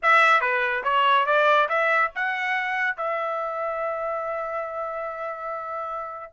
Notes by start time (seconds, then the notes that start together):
0.02 E5
0.40 B4
0.83 C#5
1.26 D5
1.69 E5
2.15 F#5
2.96 E5